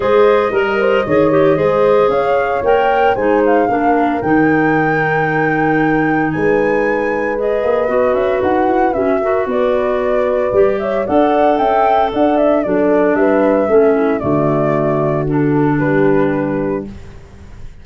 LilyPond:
<<
  \new Staff \with { instrumentName = "flute" } { \time 4/4 \tempo 4 = 114 dis''1 | f''4 g''4 gis''8 f''4. | g''1 | gis''2 dis''4. e''8 |
fis''4 e''4 d''2~ | d''8 e''8 fis''4 g''4 fis''8 e''8 | d''4 e''2 d''4~ | d''4 a'4 b'2 | }
  \new Staff \with { instrumentName = "horn" } { \time 4/4 c''4 ais'8 c''8 cis''4 c''4 | cis''2 c''4 ais'4~ | ais'1 | b'1~ |
b'4. ais'8 b'2~ | b'8 cis''8 d''4 e''4 d''4 | a'4 b'4 a'8 e'8 fis'4~ | fis'2 g'2 | }
  \new Staff \with { instrumentName = "clarinet" } { \time 4/4 gis'4 ais'4 gis'8 g'8 gis'4~ | gis'4 ais'4 dis'4 d'4 | dis'1~ | dis'2 gis'4 fis'4~ |
fis'4 cis'8 fis'2~ fis'8 | g'4 a'2. | d'2 cis'4 a4~ | a4 d'2. | }
  \new Staff \with { instrumentName = "tuba" } { \time 4/4 gis4 g4 dis4 gis4 | cis'4 ais4 gis4 ais4 | dis1 | gis2~ gis8 ais8 b8 cis'8 |
dis'8 e'8 fis'4 b2 | g4 d'4 cis'4 d'4 | fis4 g4 a4 d4~ | d2 g2 | }
>>